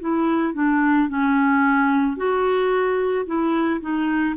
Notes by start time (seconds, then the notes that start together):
0.00 E4
0.54 D4
1.09 C#4
2.17 F#4
3.26 E4
3.81 D#4